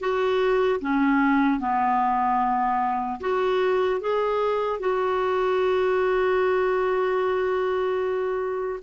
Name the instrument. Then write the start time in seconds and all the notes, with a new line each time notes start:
clarinet
0.00 F#4
0.81 C#4
1.60 B3
3.20 F#4
4.00 G#4
4.80 F#4